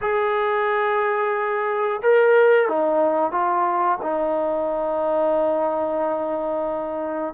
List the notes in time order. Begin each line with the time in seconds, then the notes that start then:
0.01 G#4
2.02 A#4
2.68 D#4
3.31 F4
4.02 D#4